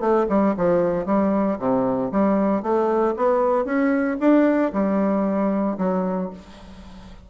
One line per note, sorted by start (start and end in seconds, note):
0.00 0.26 A3
0.29 0.55 G3
0.57 1.06 F3
1.06 1.58 G3
1.59 2.11 C3
2.11 2.62 G3
2.62 3.14 A3
3.16 3.65 B3
3.65 4.17 C#4
4.20 4.72 D4
4.73 5.77 G3
5.78 6.30 F#3